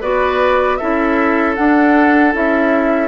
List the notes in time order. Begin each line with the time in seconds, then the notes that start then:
0.00 B3 F#4 B4 D5
0.76 C#4 E4 A4 E5
1.55 D4 F#5
2.33 C#4 E4 E5